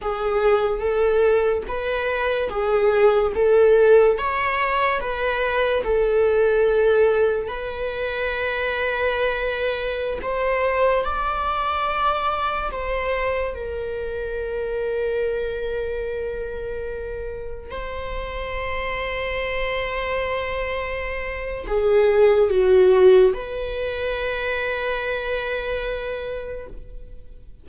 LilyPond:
\new Staff \with { instrumentName = "viola" } { \time 4/4 \tempo 4 = 72 gis'4 a'4 b'4 gis'4 | a'4 cis''4 b'4 a'4~ | a'4 b'2.~ | b'16 c''4 d''2 c''8.~ |
c''16 ais'2.~ ais'8.~ | ais'4~ ais'16 c''2~ c''8.~ | c''2 gis'4 fis'4 | b'1 | }